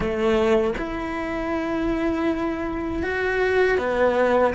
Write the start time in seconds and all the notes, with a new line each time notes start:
0.00 A3
0.78 E4
3.02 F#4
3.78 B3